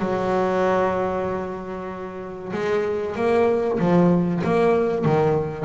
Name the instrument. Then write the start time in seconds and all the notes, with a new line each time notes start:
double bass
0.00 F#3
2.53 G#3
3.16 A#3
3.80 F3
4.44 A#3
5.05 D#3